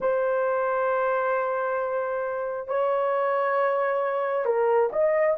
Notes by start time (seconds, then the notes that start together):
0.00 C5
2.67 C#5
4.45 A#4
4.92 D#5